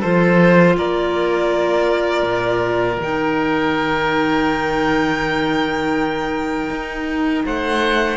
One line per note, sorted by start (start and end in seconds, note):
0.00 0.77 F3
0.00 2.99 F4
0.00 0.74 A4
0.00 0.76 C5
0.77 2.22 A#3
0.77 7.44 A#4
0.77 3.00 D5
2.22 2.96 A#2
3.00 6.70 D#3
3.00 8.17 D#4
3.00 7.45 G5
6.70 7.44 D#4
7.45 8.17 A3
7.45 8.17 C5
7.45 8.17 F#5